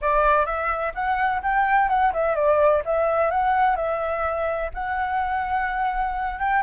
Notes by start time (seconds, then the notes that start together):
0.01 D5
0.45 E5
0.94 F#5
1.42 G5
1.89 F#5
2.13 E5
2.35 D5
2.85 E5
3.30 F#5
3.76 E5
4.74 F#5
6.39 G5